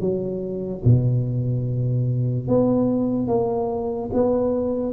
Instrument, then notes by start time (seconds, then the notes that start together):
tuba
0.00 F#3
0.84 B2
2.47 B3
3.27 A#3
4.13 B3